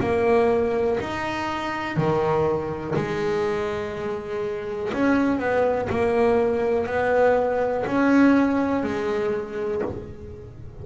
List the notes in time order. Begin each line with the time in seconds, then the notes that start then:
0.00 A#3
1.01 D#4
1.97 D#3
2.96 G#3
4.94 C#4
5.39 B3
5.90 A#3
6.86 B3
7.86 C#4
8.84 G#3